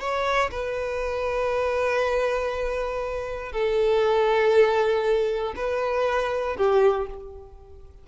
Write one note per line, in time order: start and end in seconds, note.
0.00 0.50 C#5
0.51 3.52 B4
3.52 5.54 A4
5.56 6.57 B4
6.57 7.07 G4